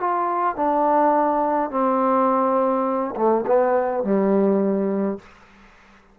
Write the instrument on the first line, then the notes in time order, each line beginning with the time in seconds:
trombone
0.00 F4
0.56 D4
1.70 C4
3.16 A3
3.47 B3
4.03 G3